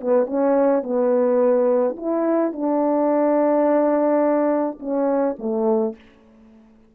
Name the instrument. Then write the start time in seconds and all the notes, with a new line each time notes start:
horn
0.00 B3
0.26 C#4
0.82 B3
1.96 E4
2.52 D4
4.79 C#4
5.38 A3